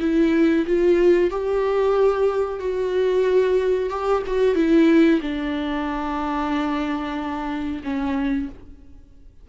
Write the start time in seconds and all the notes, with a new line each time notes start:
0.00 E4
0.67 F4
1.30 G4
2.60 F#4
3.90 G4
4.27 F#4
4.55 E4
5.21 D4
7.84 C#4